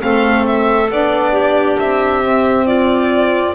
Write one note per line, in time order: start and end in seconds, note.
0.00 0.91 A3
0.00 0.88 C4
0.00 1.33 A4
0.00 0.47 F5
0.47 0.91 E5
0.91 1.79 B3
0.91 2.23 D4
0.91 1.80 D5
1.33 2.65 G4
1.80 3.56 C4
1.80 2.67 E5
2.23 3.55 C4
2.67 3.55 F4
2.67 3.55 D5